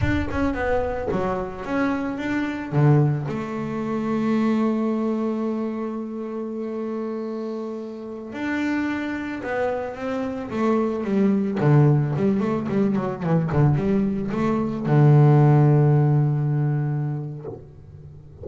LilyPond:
\new Staff \with { instrumentName = "double bass" } { \time 4/4 \tempo 4 = 110 d'8 cis'8 b4 fis4 cis'4 | d'4 d4 a2~ | a1~ | a2.~ a16 d'8.~ |
d'4~ d'16 b4 c'4 a8.~ | a16 g4 d4 g8 a8 g8 fis16~ | fis16 e8 d8 g4 a4 d8.~ | d1 | }